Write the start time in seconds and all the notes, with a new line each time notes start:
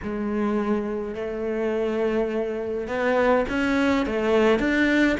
0.03 G#3
1.14 A3
2.87 B3
3.48 C#4
4.06 A3
4.59 D4